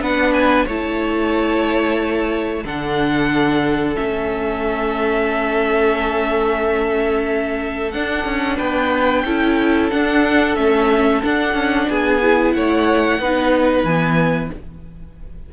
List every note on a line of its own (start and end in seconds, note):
0.00 0.66 B3
0.00 0.67 D4
0.00 0.66 B4
0.00 0.33 F#5
0.33 0.66 G#5
0.66 2.64 A3
0.66 2.65 E4
0.66 2.63 C#5
0.66 2.66 A5
2.64 3.96 D3
2.64 3.95 D4
2.64 8.57 A4
2.64 3.96 F#5
3.95 7.94 A3
3.95 7.91 C#4
3.95 7.91 E5
7.91 8.25 D4
7.91 9.26 D4
7.91 8.57 F#5
8.25 8.58 C#4
8.57 9.25 B3
8.57 9.23 B4
8.57 9.90 G5
9.25 9.91 C#4
9.25 9.91 E4
9.25 11.89 A4
9.90 10.56 D4
9.90 10.55 F#5
10.55 11.22 A3
10.55 11.22 C#4
10.55 11.21 E5
11.22 12.21 D4
11.22 11.54 D4
11.22 11.89 F#5
11.54 11.87 C#4
11.89 12.55 B3
11.89 12.55 G#4
11.89 12.52 G#5
12.22 13.21 E4
12.52 13.19 A3
12.52 13.20 C#5
12.52 13.84 F#5
13.19 13.84 B3
13.19 13.87 D#4
13.19 14.52 B4
13.84 14.49 E3
13.84 14.53 B3
13.84 14.50 G#5